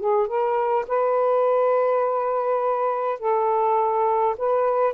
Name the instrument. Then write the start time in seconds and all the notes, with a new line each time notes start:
saxophone
0.00 G#4
0.27 A#4
0.88 B4
3.19 A4
4.38 B4